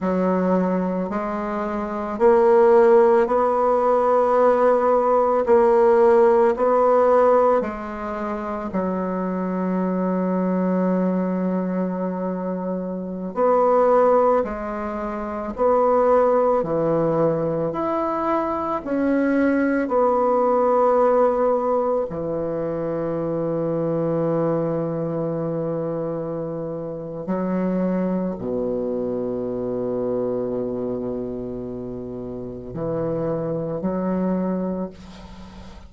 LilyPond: \new Staff \with { instrumentName = "bassoon" } { \time 4/4 \tempo 4 = 55 fis4 gis4 ais4 b4~ | b4 ais4 b4 gis4 | fis1~ | fis16 b4 gis4 b4 e8.~ |
e16 e'4 cis'4 b4.~ b16~ | b16 e2.~ e8.~ | e4 fis4 b,2~ | b,2 e4 fis4 | }